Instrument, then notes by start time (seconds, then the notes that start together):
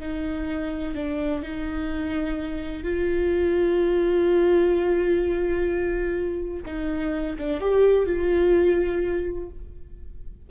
viola
0.00 D#4
0.95 D4
1.42 D#4
2.83 F4
6.66 D#4
7.38 D4
7.60 G4
8.06 F4